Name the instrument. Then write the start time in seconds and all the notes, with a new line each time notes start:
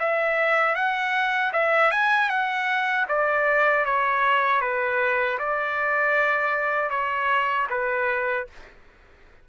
trumpet
0.00 E5
0.76 F#5
1.53 E5
1.92 G#5
2.29 F#5
3.09 D5
3.86 C#5
4.62 B4
5.39 D5
6.90 C#5
7.70 B4